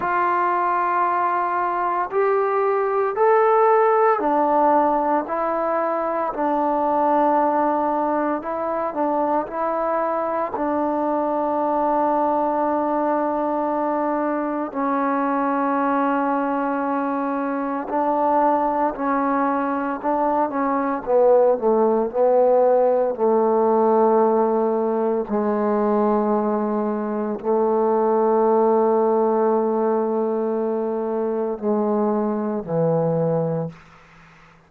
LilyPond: \new Staff \with { instrumentName = "trombone" } { \time 4/4 \tempo 4 = 57 f'2 g'4 a'4 | d'4 e'4 d'2 | e'8 d'8 e'4 d'2~ | d'2 cis'2~ |
cis'4 d'4 cis'4 d'8 cis'8 | b8 a8 b4 a2 | gis2 a2~ | a2 gis4 e4 | }